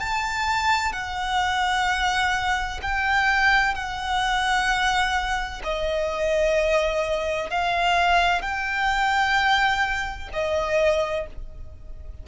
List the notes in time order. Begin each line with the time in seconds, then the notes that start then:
0.00 A5
0.93 F#5
2.82 G5
3.75 F#5
5.64 D#5
7.50 F5
8.42 G5
10.33 D#5